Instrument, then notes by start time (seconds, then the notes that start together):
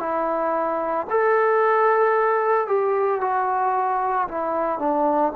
trombone
0.00 E4
1.11 A4
2.67 G4
3.21 F#4
4.29 E4
4.79 D4